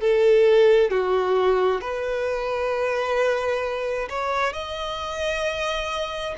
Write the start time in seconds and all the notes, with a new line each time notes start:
0.00 A4
0.90 F#4
1.81 B4
4.10 C#5
4.53 D#5